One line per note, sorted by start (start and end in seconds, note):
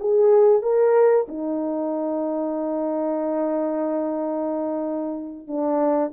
0.00 0.62 G#4
0.62 1.27 A#4
1.28 5.48 D#4
5.48 6.12 D4